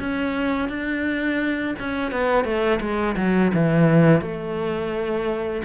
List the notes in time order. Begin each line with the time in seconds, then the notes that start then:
0.00 C#4
0.69 D4
1.79 C#4
2.12 B3
2.45 A3
2.81 G#3
3.17 F#3
3.55 E3
4.22 A3